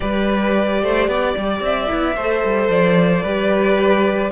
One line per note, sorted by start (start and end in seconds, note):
0.00 0.82 G3
0.00 1.87 G4
0.00 0.82 B4
0.00 1.61 D5
0.82 1.08 A3
0.82 1.09 C5
1.08 1.35 B3
1.08 2.15 D5
1.36 1.60 G3
1.60 1.87 C4
1.60 2.70 E5
1.87 2.16 B3
1.87 2.14 E4
2.15 2.43 A3
2.15 3.26 A4
2.15 3.22 C5
2.43 2.69 G3
2.69 3.23 F3
2.69 4.32 D5
3.22 4.32 G3
3.22 4.32 G4
3.22 4.30 B4